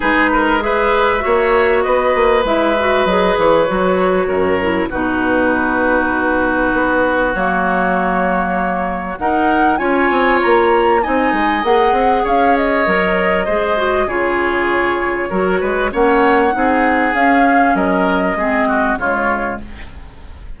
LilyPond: <<
  \new Staff \with { instrumentName = "flute" } { \time 4/4 \tempo 4 = 98 b'4 e''2 dis''4 | e''4 dis''8 cis''2~ cis''8 | b'1 | cis''2. fis''4 |
gis''4 ais''4 gis''4 fis''4 | f''8 dis''2~ dis''8 cis''4~ | cis''2 fis''2 | f''4 dis''2 cis''4 | }
  \new Staff \with { instrumentName = "oboe" } { \time 4/4 gis'8 ais'8 b'4 cis''4 b'4~ | b'2. ais'4 | fis'1~ | fis'2. ais'4 |
cis''2 dis''2 | cis''2 c''4 gis'4~ | gis'4 ais'8 b'8 cis''4 gis'4~ | gis'4 ais'4 gis'8 fis'8 f'4 | }
  \new Staff \with { instrumentName = "clarinet" } { \time 4/4 dis'4 gis'4 fis'2 | e'8 fis'8 gis'4 fis'4. e'8 | dis'1 | ais2. dis'4 |
f'2 dis'4 gis'4~ | gis'4 ais'4 gis'8 fis'8 f'4~ | f'4 fis'4 cis'4 dis'4 | cis'2 c'4 gis4 | }
  \new Staff \with { instrumentName = "bassoon" } { \time 4/4 gis2 ais4 b8 ais8 | gis4 fis8 e8 fis4 fis,4 | b,2. b4 | fis2. dis'4 |
cis'8 c'8 ais4 c'8 gis8 ais8 c'8 | cis'4 fis4 gis4 cis4~ | cis4 fis8 gis8 ais4 c'4 | cis'4 fis4 gis4 cis4 | }
>>